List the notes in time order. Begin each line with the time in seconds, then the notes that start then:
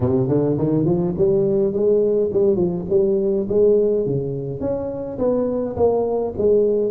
0.00 C3
0.28 D3
0.58 D#3
0.85 F3
1.17 G3
1.73 G#3
2.32 G3
2.55 F3
2.89 G3
3.48 G#3
4.06 C#3
4.60 C#4
5.18 B3
5.76 A#3
6.37 G#3